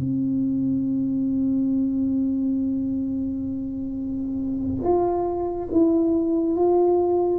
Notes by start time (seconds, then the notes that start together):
0.00 C4
4.84 F4
5.72 E4
6.56 F4